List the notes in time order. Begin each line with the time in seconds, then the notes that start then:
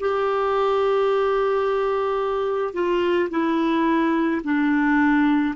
0.00 G4
2.74 F4
3.31 E4
4.44 D4